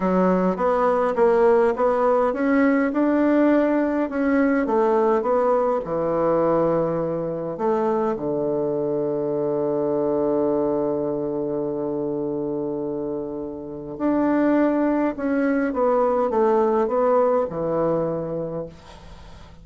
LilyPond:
\new Staff \with { instrumentName = "bassoon" } { \time 4/4 \tempo 4 = 103 fis4 b4 ais4 b4 | cis'4 d'2 cis'4 | a4 b4 e2~ | e4 a4 d2~ |
d1~ | d1 | d'2 cis'4 b4 | a4 b4 e2 | }